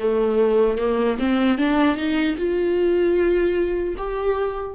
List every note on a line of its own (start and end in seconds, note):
0.00 0.79 A3
0.79 1.18 A#3
1.19 1.59 C4
1.59 1.97 D4
1.97 2.36 D#4
2.38 3.96 F4
3.98 4.76 G4